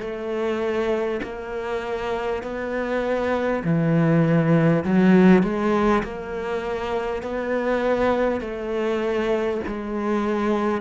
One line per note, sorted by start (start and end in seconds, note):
0.00 1.20 A3
1.23 2.42 A#3
2.42 3.62 B3
3.64 4.84 E3
4.84 5.43 F#3
5.43 6.03 G#3
6.03 7.22 A#3
7.22 8.41 B3
8.41 9.61 A3
9.67 10.81 G#3